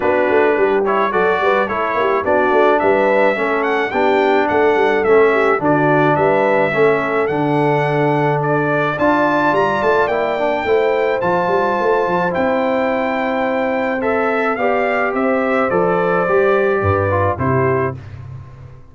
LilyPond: <<
  \new Staff \with { instrumentName = "trumpet" } { \time 4/4 \tempo 4 = 107 b'4. cis''8 d''4 cis''4 | d''4 e''4. fis''8 g''4 | fis''4 e''4 d''4 e''4~ | e''4 fis''2 d''4 |
a''4 ais''8 a''8 g''2 | a''2 g''2~ | g''4 e''4 f''4 e''4 | d''2. c''4 | }
  \new Staff \with { instrumentName = "horn" } { \time 4/4 fis'4 g'4 a'8 b'8 a'8 g'8 | fis'4 b'4 a'4 g'4 | a'4. g'8 fis'4 b'4 | a'1 |
d''2. c''4~ | c''1~ | c''2 d''4 c''4~ | c''2 b'4 g'4 | }
  \new Staff \with { instrumentName = "trombone" } { \time 4/4 d'4. e'8 fis'4 e'4 | d'2 cis'4 d'4~ | d'4 cis'4 d'2 | cis'4 d'2. |
f'2 e'8 d'8 e'4 | f'2 e'2~ | e'4 a'4 g'2 | a'4 g'4. f'8 e'4 | }
  \new Staff \with { instrumentName = "tuba" } { \time 4/4 b8 a8 g4 fis8 g8 a8 ais8 | b8 a8 g4 a4 b4 | a8 g8 a4 d4 g4 | a4 d2. |
d'4 g8 a8 ais4 a4 | f8 g8 a8 f8 c'2~ | c'2 b4 c'4 | f4 g4 g,4 c4 | }
>>